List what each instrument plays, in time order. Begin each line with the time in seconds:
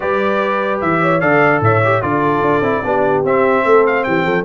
0.00 tuba G3, trombone G4, horn B4, trumpet D5
0.81 tuba E3, trumpet E5
1.01 horn C#5
1.20 tuba D3, trombone A4, horn D5, trumpet F5
1.60 tuba A2, horn C#5, trumpet E5
1.84 trombone G4
2.02 tuba D3, trombone F4, horn A4, trumpet D5
2.41 tuba D4
2.61 tuba C4, trombone E4
2.83 tuba B3, trombone D4, horn G4
3.24 trombone C4, tuba C4, trumpet E5
3.63 tuba A3, horn A4
3.86 trumpet F5
4.03 tuba E3, horn G4, trumpet G5
4.24 tuba F3, horn A4